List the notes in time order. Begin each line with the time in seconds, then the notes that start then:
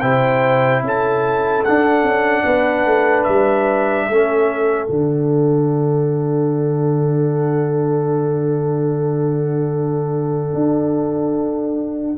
0.00 C3 E4 C5 G5
0.82 C#4 A4 A5
1.64 D4 F#5
2.03 C#4
2.43 B3 B4
2.85 A3
3.23 G3 E5
4.07 A3 C#4 A4
4.86 D3 D4 F#5
10.54 D4